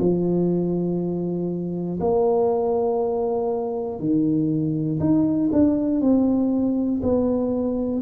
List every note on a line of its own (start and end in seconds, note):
0.00 2.00 F3
2.00 4.00 A#3
4.00 5.00 D#3
5.00 5.50 D#4
5.52 6.02 D4
6.02 7.02 C4
7.03 8.02 B3